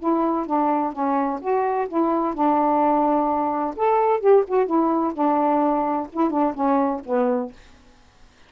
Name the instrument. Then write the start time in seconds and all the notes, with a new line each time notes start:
saxophone
0.00 E4
0.47 D4
0.93 C#4
1.41 F#4
1.89 E4
2.35 D4
3.76 A4
4.21 G4
4.48 F#4
4.67 E4
5.14 D4
6.13 E4
6.31 D4
6.55 C#4
7.06 B3